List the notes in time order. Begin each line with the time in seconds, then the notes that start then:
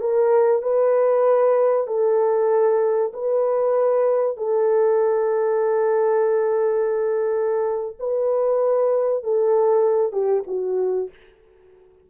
0.00 A#4
0.62 B4
1.87 A4
3.13 B4
4.37 A4
7.99 B4
9.23 A4
10.12 G4
10.47 F#4